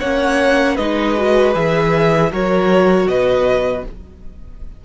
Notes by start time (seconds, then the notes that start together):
0.00 A#3 C#4 C#5 F#5
0.75 G#3 D#4 B4 D#5
1.17 F#4
1.54 E3 G#4 E5
2.31 F#3 F#4 A#4 C#5
3.07 B2 B4 D#5